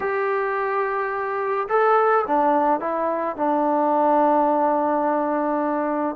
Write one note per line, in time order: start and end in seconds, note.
0.00 1.67 G4
1.68 2.25 A4
2.27 2.80 D4
2.80 3.36 E4
3.36 6.16 D4